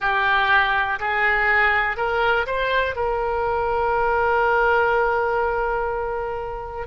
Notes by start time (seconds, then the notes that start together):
0.00 G4
0.99 G#4
1.97 A#4
2.46 C5
2.95 A#4